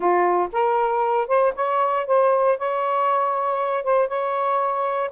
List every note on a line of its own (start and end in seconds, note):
0.00 0.48 F4
0.52 1.27 A#4
1.27 1.53 C5
1.55 2.06 C#5
2.06 2.58 C5
2.58 3.83 C#5
3.83 4.08 C5
4.08 5.10 C#5